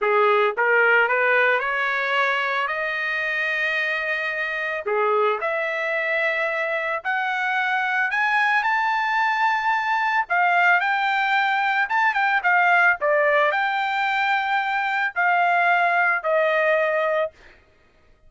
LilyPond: \new Staff \with { instrumentName = "trumpet" } { \time 4/4 \tempo 4 = 111 gis'4 ais'4 b'4 cis''4~ | cis''4 dis''2.~ | dis''4 gis'4 e''2~ | e''4 fis''2 gis''4 |
a''2. f''4 | g''2 a''8 g''8 f''4 | d''4 g''2. | f''2 dis''2 | }